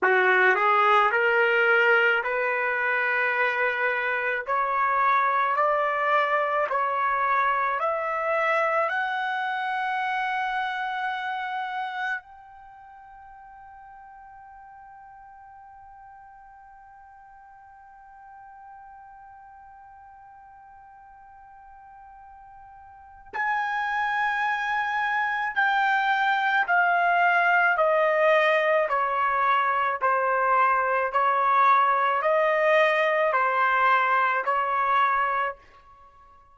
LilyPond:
\new Staff \with { instrumentName = "trumpet" } { \time 4/4 \tempo 4 = 54 fis'8 gis'8 ais'4 b'2 | cis''4 d''4 cis''4 e''4 | fis''2. g''4~ | g''1~ |
g''1~ | g''4 gis''2 g''4 | f''4 dis''4 cis''4 c''4 | cis''4 dis''4 c''4 cis''4 | }